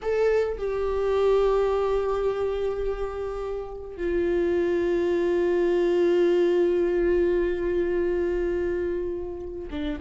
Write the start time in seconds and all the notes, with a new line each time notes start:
0.02 A4
0.57 G4
3.97 F4
9.70 D4